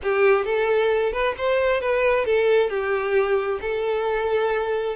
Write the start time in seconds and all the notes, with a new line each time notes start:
0.02 G4
0.45 A4
1.12 B4
1.37 C5
1.80 B4
2.25 A4
2.69 G4
3.61 A4